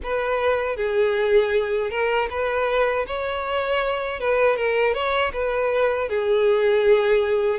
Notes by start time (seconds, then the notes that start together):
0.03 B4
0.76 G#4
1.90 A#4
2.30 B4
3.07 C#5
4.20 B4
4.56 A#4
4.94 C#5
5.33 B4
6.08 G#4